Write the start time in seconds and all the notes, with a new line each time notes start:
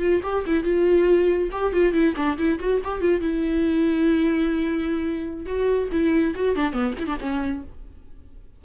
0.00 F4
0.24 G4
0.47 E4
0.64 F4
1.52 G4
1.73 F4
1.93 E4
2.17 D4
2.38 E4
2.60 F#4
2.84 G4
3.02 F4
3.21 E4
5.46 F#4
5.92 E4
6.36 F#4
6.56 D4
6.73 B3
6.99 E4
7.07 D4
7.21 C#4